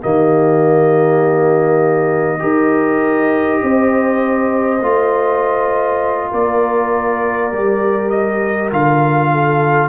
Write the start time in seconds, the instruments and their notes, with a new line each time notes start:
0.00 tuba D#3, trombone A#3, horn G4, trumpet D#5
2.39 tuba D#4, trombone G4, horn A#4
3.62 tuba C4, horn C5
4.80 tuba A3, trombone F4
6.30 tuba A#3, horn A#4, trumpet D5
7.51 tuba G3, trombone G4
8.09 trumpet D#5
8.71 tuba D3, trombone F4, trumpet F5
9.31 horn A4